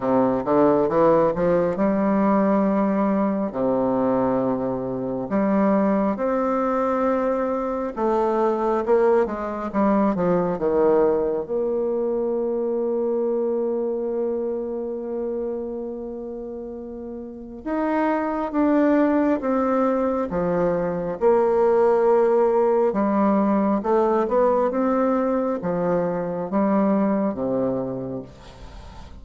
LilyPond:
\new Staff \with { instrumentName = "bassoon" } { \time 4/4 \tempo 4 = 68 c8 d8 e8 f8 g2 | c2 g4 c'4~ | c'4 a4 ais8 gis8 g8 f8 | dis4 ais2.~ |
ais1 | dis'4 d'4 c'4 f4 | ais2 g4 a8 b8 | c'4 f4 g4 c4 | }